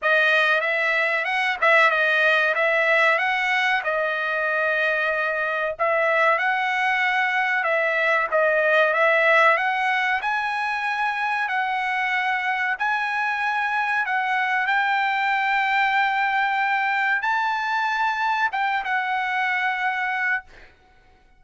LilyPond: \new Staff \with { instrumentName = "trumpet" } { \time 4/4 \tempo 4 = 94 dis''4 e''4 fis''8 e''8 dis''4 | e''4 fis''4 dis''2~ | dis''4 e''4 fis''2 | e''4 dis''4 e''4 fis''4 |
gis''2 fis''2 | gis''2 fis''4 g''4~ | g''2. a''4~ | a''4 g''8 fis''2~ fis''8 | }